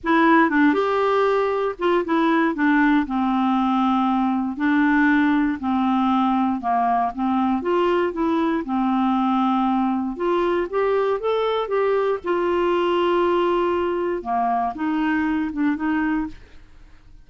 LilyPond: \new Staff \with { instrumentName = "clarinet" } { \time 4/4 \tempo 4 = 118 e'4 d'8 g'2 f'8 | e'4 d'4 c'2~ | c'4 d'2 c'4~ | c'4 ais4 c'4 f'4 |
e'4 c'2. | f'4 g'4 a'4 g'4 | f'1 | ais4 dis'4. d'8 dis'4 | }